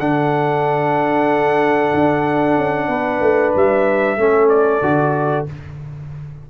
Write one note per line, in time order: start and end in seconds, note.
0.00 1.94 D3
0.00 4.19 D4
0.00 2.89 A4
0.00 3.55 F#5
1.94 2.57 D4
2.57 2.89 C#4
2.89 3.21 B3
2.89 4.18 B4
3.21 3.54 A3
3.56 4.17 G3
3.56 4.49 E5
4.17 4.82 A3
4.17 4.82 C#4
4.17 5.50 A4
4.49 5.46 D5
4.82 5.47 D3
4.82 5.47 F#4